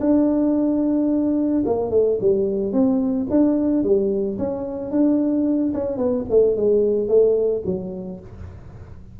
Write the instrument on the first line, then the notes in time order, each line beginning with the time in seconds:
tuba
0.00 D4
1.65 A#3
1.90 A3
2.20 G3
2.72 C4
3.30 D4
3.83 G3
4.38 C#4
4.91 D4
5.73 C#4
5.97 B3
6.29 A3
6.56 G#3
7.08 A3
7.65 F#3